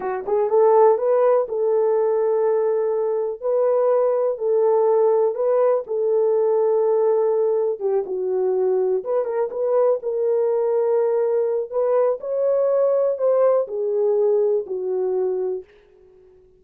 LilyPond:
\new Staff \with { instrumentName = "horn" } { \time 4/4 \tempo 4 = 123 fis'8 gis'8 a'4 b'4 a'4~ | a'2. b'4~ | b'4 a'2 b'4 | a'1 |
g'8 fis'2 b'8 ais'8 b'8~ | b'8 ais'2.~ ais'8 | b'4 cis''2 c''4 | gis'2 fis'2 | }